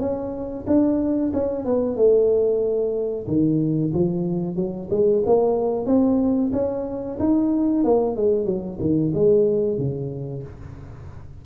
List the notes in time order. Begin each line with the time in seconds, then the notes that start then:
0.00 C#4
0.67 D4
1.33 C#4
1.65 B3
1.96 A3
3.27 D#3
3.94 F3
4.56 F#3
4.90 G#3
5.26 A#3
5.86 C4
6.53 C#4
7.19 D#4
7.84 A#3
8.16 G#3
8.45 F#3
8.80 D#3
9.14 G#3
9.78 C#3